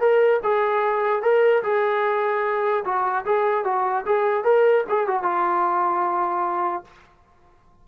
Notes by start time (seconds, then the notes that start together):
0.00 A#4
0.43 G#4
1.22 A#4
1.63 G#4
2.85 F#4
3.25 G#4
3.64 F#4
4.05 G#4
4.44 A#4
4.89 G#4
5.07 F#4
5.23 F4